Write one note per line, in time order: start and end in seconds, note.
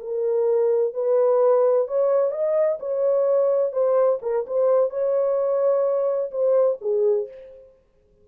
0.00 0.94 A#4
0.94 1.87 B4
1.88 2.32 C#5
2.32 2.78 D#5
2.80 3.73 C#5
3.73 4.20 C5
4.22 4.46 A#4
4.47 4.90 C5
4.90 6.31 C#5
6.31 6.78 C5
6.81 7.28 G#4